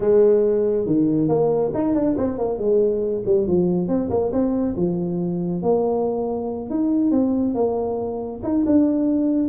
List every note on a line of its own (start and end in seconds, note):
0.00 0.86 G#3
0.86 1.28 D#3
1.28 1.71 A#3
1.74 1.94 D#4
1.94 2.16 D4
2.17 2.38 C4
2.38 2.58 A#3
2.58 3.23 G#3
3.25 3.47 G3
3.47 3.88 F3
3.88 4.09 C4
4.09 4.31 A#3
4.32 4.75 C4
4.77 5.62 F3
5.62 6.70 A#3
6.70 7.11 D#4
7.11 7.54 C4
7.54 8.40 A#3
8.43 8.64 D#4
8.65 9.48 D4